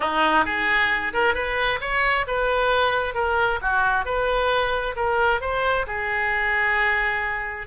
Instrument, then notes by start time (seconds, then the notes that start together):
oboe
0.00 D#4
0.45 G#4
1.13 A#4
1.34 B4
1.80 C#5
2.27 B4
3.14 A#4
3.61 F#4
4.05 B4
4.96 A#4
5.40 C5
5.86 G#4